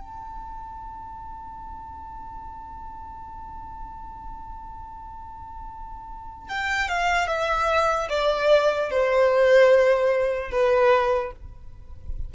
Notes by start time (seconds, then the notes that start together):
0.00 A5
6.49 G5
6.88 F5
7.27 E5
8.09 D5
8.90 C5
10.51 B4